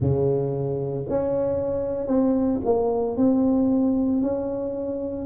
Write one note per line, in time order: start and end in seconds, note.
0.00 1.06 C#3
1.09 2.07 C#4
2.07 2.59 C4
2.65 3.16 A#3
3.16 4.22 C4
4.22 5.26 C#4